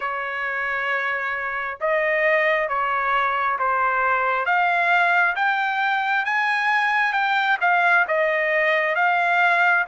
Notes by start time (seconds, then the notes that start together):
0.00 C#5
1.80 D#5
2.68 C#5
3.58 C5
4.45 F5
5.35 G5
6.25 G#5
7.12 G5
7.60 F5
8.07 D#5
8.95 F5